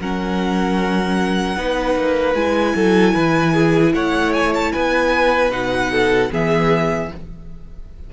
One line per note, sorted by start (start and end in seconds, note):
0.00 1.56 F#3
0.00 1.56 C#4
0.00 1.57 A#4
0.00 2.34 F#5
1.56 1.95 B3
1.56 2.35 D#4
1.56 2.75 B4
1.95 2.34 A#3
2.34 2.73 G#3
2.34 5.50 E4
2.34 3.92 G#5
2.75 3.15 F#3
2.75 3.14 A4
3.14 3.93 E3
3.14 3.53 B4
3.53 3.92 G#4
3.93 4.72 A3
3.93 4.72 C#5
3.93 4.33 F#5
4.33 4.52 G#5
4.54 4.72 A5
4.72 5.50 B3
4.72 5.91 B4
4.72 5.51 G#5
5.50 6.29 B2
5.50 6.29 D#4
5.50 6.31 F#5
5.91 6.30 A4
6.31 7.11 E3
6.31 7.10 B3
6.31 7.10 G#4
6.31 7.12 E5